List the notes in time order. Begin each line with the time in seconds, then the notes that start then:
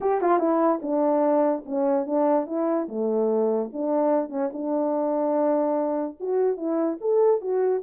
0.00 G4
0.21 F4
0.38 E4
0.82 D4
1.65 C#4
2.05 D4
2.46 E4
2.88 A3
3.72 D4
4.29 C#4
4.52 D4
6.19 F#4
6.56 E4
7.01 A4
7.41 F#4